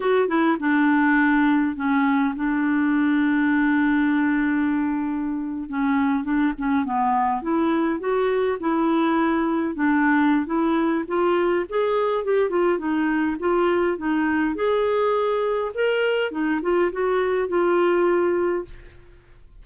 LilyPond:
\new Staff \with { instrumentName = "clarinet" } { \time 4/4 \tempo 4 = 103 fis'8 e'8 d'2 cis'4 | d'1~ | d'4.~ d'16 cis'4 d'8 cis'8 b16~ | b8. e'4 fis'4 e'4~ e'16~ |
e'8. d'4~ d'16 e'4 f'4 | gis'4 g'8 f'8 dis'4 f'4 | dis'4 gis'2 ais'4 | dis'8 f'8 fis'4 f'2 | }